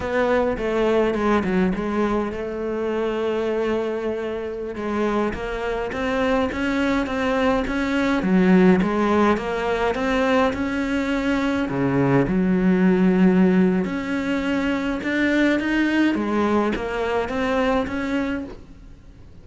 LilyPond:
\new Staff \with { instrumentName = "cello" } { \time 4/4 \tempo 4 = 104 b4 a4 gis8 fis8 gis4 | a1~ | a16 gis4 ais4 c'4 cis'8.~ | cis'16 c'4 cis'4 fis4 gis8.~ |
gis16 ais4 c'4 cis'4.~ cis'16~ | cis'16 cis4 fis2~ fis8. | cis'2 d'4 dis'4 | gis4 ais4 c'4 cis'4 | }